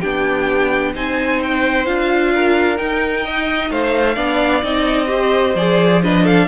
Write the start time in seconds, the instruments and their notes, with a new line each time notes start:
0.00 cello B3, viola D4, violin G4 G5
0.94 cello C4, viola D#4, violin C5 G#5
1.42 violin G5
1.85 cello D4, viola F4, violin F5
2.33 violin A#4
2.76 viola D#4, cello D#4, violin G5
3.25 violin D#5
3.70 cello A3, violin C5 F5
4.15 cello B3, viola D4, violin D5
4.62 cello C4, viola D#4, violin D#5
5.06 viola G4, violin C5
5.55 cello F3, viola G#4, violin D5
6.02 viola D4, violin B4 D#5
6.23 violin A4 F5